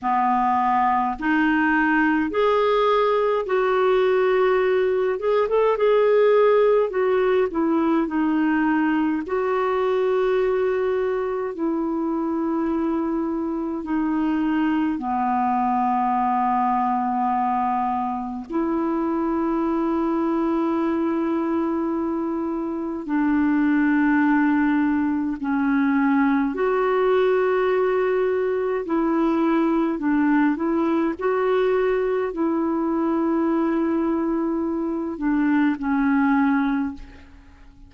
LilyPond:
\new Staff \with { instrumentName = "clarinet" } { \time 4/4 \tempo 4 = 52 b4 dis'4 gis'4 fis'4~ | fis'8 gis'16 a'16 gis'4 fis'8 e'8 dis'4 | fis'2 e'2 | dis'4 b2. |
e'1 | d'2 cis'4 fis'4~ | fis'4 e'4 d'8 e'8 fis'4 | e'2~ e'8 d'8 cis'4 | }